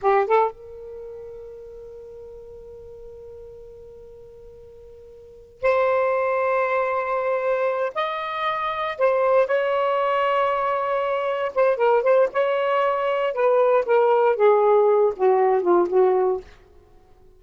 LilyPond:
\new Staff \with { instrumentName = "saxophone" } { \time 4/4 \tempo 4 = 117 g'8 a'8 ais'2.~ | ais'1~ | ais'2. c''4~ | c''2.~ c''8 dis''8~ |
dis''4. c''4 cis''4.~ | cis''2~ cis''8 c''8 ais'8 c''8 | cis''2 b'4 ais'4 | gis'4. fis'4 f'8 fis'4 | }